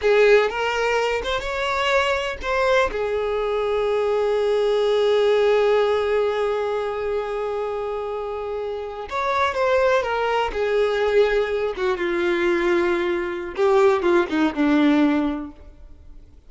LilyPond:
\new Staff \with { instrumentName = "violin" } { \time 4/4 \tempo 4 = 124 gis'4 ais'4. c''8 cis''4~ | cis''4 c''4 gis'2~ | gis'1~ | gis'1~ |
gis'2~ gis'8. cis''4 c''16~ | c''8. ais'4 gis'2~ gis'16~ | gis'16 fis'8 f'2.~ f'16 | g'4 f'8 dis'8 d'2 | }